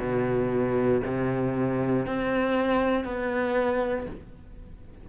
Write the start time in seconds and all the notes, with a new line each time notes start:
0.00 B2
1.05 C3
2.07 C4
3.05 B3